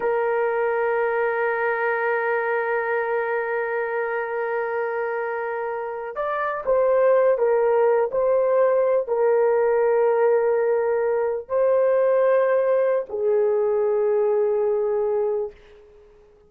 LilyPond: \new Staff \with { instrumentName = "horn" } { \time 4/4 \tempo 4 = 124 ais'1~ | ais'1~ | ais'1~ | ais'8. d''4 c''4. ais'8.~ |
ais'8. c''2 ais'4~ ais'16~ | ais'2.~ ais'8. c''16~ | c''2. gis'4~ | gis'1 | }